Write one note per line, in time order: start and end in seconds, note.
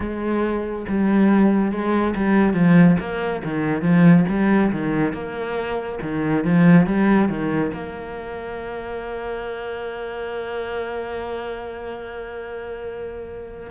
0.00 0.85 G#3
0.88 1.71 G3
1.71 2.14 G#3
2.15 2.53 G3
2.53 2.96 F3
2.99 3.42 A#3
3.44 3.82 D#3
3.82 4.25 F3
4.28 4.71 G3
4.72 5.13 D#3
5.13 5.98 A#3
6.02 6.44 D#3
6.44 6.86 F3
6.86 7.28 G3
7.28 7.71 D#3
7.73 13.70 A#3